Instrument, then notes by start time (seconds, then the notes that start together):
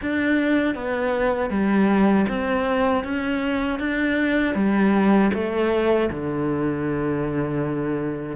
cello
0.01 D4
0.74 B3
1.49 G3
2.29 C4
3.04 C#4
3.79 D4
4.54 G3
5.33 A3
6.10 D3